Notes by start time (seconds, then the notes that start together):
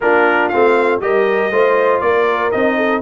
0.00 A#3 D4 F4 A#4
0.48 A3 C4 F5
1.00 G3 G4 A#4 D#5
1.50 A3 F4 C5
2.00 A#3 A#4 D5
2.51 C4 D#4 D#5
2.76 A4